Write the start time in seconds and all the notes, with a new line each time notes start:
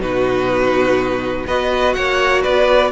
0.00 B2 D#4 F#4 B4
1.47 B3 F#4 B4 D#5
1.94 A#3 C#5 F#5
2.43 B3 B4 D5